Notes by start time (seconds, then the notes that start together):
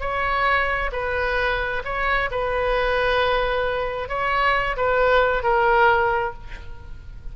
0.00 C#5
0.92 B4
1.84 C#5
2.31 B4
4.08 C#5
4.76 B4
5.43 A#4